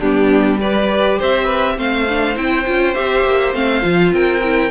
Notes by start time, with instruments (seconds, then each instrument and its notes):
0.00 cello G3, viola B3, violin D4 G4
0.60 viola G4, violin B4 D5
1.19 cello C4, violin C5 E5
1.45 violin B4
1.77 cello A3, viola C4, violin C5 F5
2.09 viola D4
2.35 cello C4, viola E4, violin G5
2.66 cello C#4, viola F4
2.94 cello C4, viola G4, violin E5
3.24 cello A#3
3.53 cello A3, viola C4, violin F5
3.81 cello F3, viola F4
4.12 cello C4, violin A#4 G5
4.43 viola E4